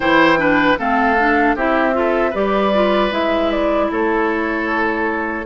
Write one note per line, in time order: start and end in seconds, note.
0.00 0.77 E3
0.00 0.37 E4
0.00 0.39 C5
0.00 0.78 G5
0.37 0.76 D4
0.37 0.78 B4
0.78 1.55 A3
0.78 1.17 C4
0.78 1.55 A4
0.78 1.56 F5
1.18 1.57 D4
1.55 2.33 C4
1.55 1.92 E4
1.55 1.94 G4
1.55 2.35 E5
1.92 2.31 F4
1.92 2.30 A4
2.30 3.11 G3
2.30 2.72 G4
2.30 3.86 B4
2.30 3.12 D5
2.74 3.10 F4
3.10 3.89 G#3
3.10 5.44 E4
3.10 3.51 E5
3.51 3.90 D5
3.91 5.45 A3
3.91 5.45 A4
3.91 5.45 C#5